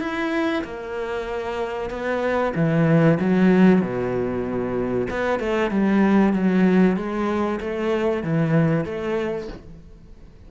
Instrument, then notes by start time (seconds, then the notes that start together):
cello
0.00 E4
0.64 A#3
1.90 B3
2.55 E3
3.20 F#3
3.81 B2
5.10 B3
5.39 A3
5.71 G3
6.33 F#3
6.96 G#3
7.60 A3
8.23 E3
8.85 A3